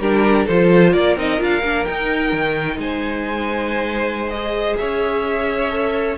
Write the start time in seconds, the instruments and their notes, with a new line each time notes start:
0.00 cello G3, viola D4, violin G4 A#4
0.45 cello F3, viola F4, violin A4 C5
0.92 cello A#3, violin A#4 D5
1.17 cello C4, viola D#4, violin D#5
1.38 cello D4, viola F4, violin F5
1.63 cello A#3, viola D4
1.85 cello D#4, viola D#4, violin G5
2.33 cello D#3
2.78 cello G#3, violin C5 G#5
4.30 viola G#4, violin D#5
4.78 cello C#4, violin C#5 E5
5.71 viola A4